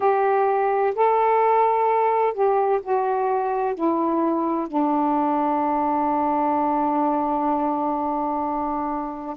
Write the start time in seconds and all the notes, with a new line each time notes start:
0.00 G4
0.95 A4
2.33 G4
2.82 F#4
3.75 E4
4.67 D4